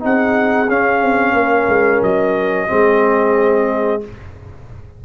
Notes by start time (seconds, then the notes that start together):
0.00 C4 D#4 G#4 F#5
0.69 C#4 F5
1.01 C4
1.33 A#3 A#4
1.68 G#3
2.02 F#3 D#5
2.67 G#3 C4 G#4